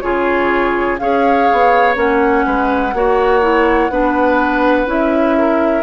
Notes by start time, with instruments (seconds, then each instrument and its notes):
0.00 bassoon C#3, clarinet F4, oboe G#4, flute C#5
0.98 bassoon C#4, clarinet G#4, oboe C#5, flute F5
1.52 bassoon B3
1.95 bassoon A#3, clarinet C#4, flute F#5
2.46 bassoon G#3, oboe B4
2.93 bassoon A#3, clarinet F#4, oboe C#5
3.41 clarinet E4
3.90 bassoon B3, clarinet D4, oboe B4
4.86 bassoon C#4, clarinet E4, flute E5
5.38 oboe A#4